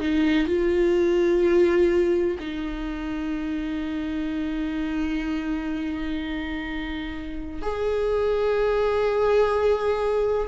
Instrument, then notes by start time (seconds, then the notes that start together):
viola
0.00 D#4
0.47 F4
2.39 D#4
7.62 G#4